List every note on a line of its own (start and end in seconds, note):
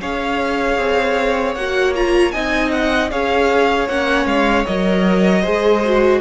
0.00 0.78 C#4
0.00 1.57 G#4
0.00 2.33 C#5
0.00 1.54 F5
0.78 1.56 C4
1.54 2.33 A#3
1.54 1.95 F#4
1.54 1.93 F#5
1.95 2.32 F4
1.95 2.31 A#5
2.31 3.12 C4
2.31 3.10 D#4
2.31 3.11 D#5
2.31 2.70 G#5
2.71 3.10 F#5
3.10 3.88 C#4
3.10 3.88 G#4
3.10 5.41 C#5
3.10 3.88 F5
3.88 4.25 A#3
3.88 4.67 C#4
3.88 4.26 F#5
4.25 4.64 G#3
4.25 4.65 F5
4.65 5.46 F#3
4.65 5.42 A#4
4.65 6.20 D#5
5.41 6.20 G#3
5.41 5.81 G#4
5.41 6.19 C5
5.84 6.20 F#4